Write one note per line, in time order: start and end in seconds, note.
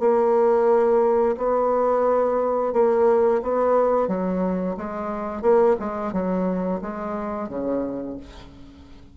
0.00 1.36 A#3
1.38 2.73 B3
2.73 3.42 A#3
3.42 4.08 B3
4.08 4.76 F#3
4.77 5.42 G#3
5.42 5.76 A#3
5.80 6.13 G#3
6.13 6.81 F#3
6.82 7.49 G#3
7.49 8.17 C#3